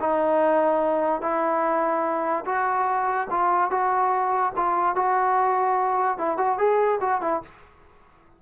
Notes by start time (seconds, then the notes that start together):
0.00 D#4
1.21 E4
2.45 F#4
3.30 F4
3.70 F#4
4.56 F4
4.95 F#4
6.18 E4
6.37 F#4
6.58 G#4
7.00 F#4
7.21 E4